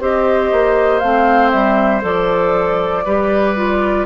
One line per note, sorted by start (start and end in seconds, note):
0.00 0.51 C4
0.00 1.02 G4
0.00 3.04 C5
0.00 0.99 D#5
0.51 1.02 A#3
0.99 1.53 A3
0.99 2.01 C4
0.99 1.50 F5
1.50 2.03 G3
1.50 2.01 E5
2.01 3.05 F3
2.01 3.03 A4
2.01 4.06 D5
3.04 4.06 G3
3.04 3.56 G4
3.04 4.06 B4
3.56 4.06 F4